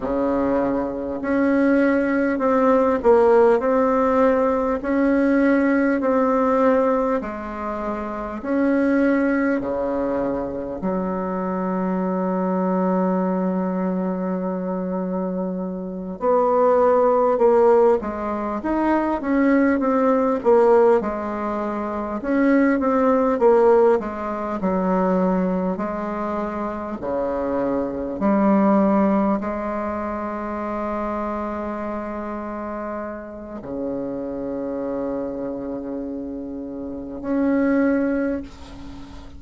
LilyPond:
\new Staff \with { instrumentName = "bassoon" } { \time 4/4 \tempo 4 = 50 cis4 cis'4 c'8 ais8 c'4 | cis'4 c'4 gis4 cis'4 | cis4 fis2.~ | fis4. b4 ais8 gis8 dis'8 |
cis'8 c'8 ais8 gis4 cis'8 c'8 ais8 | gis8 fis4 gis4 cis4 g8~ | g8 gis2.~ gis8 | cis2. cis'4 | }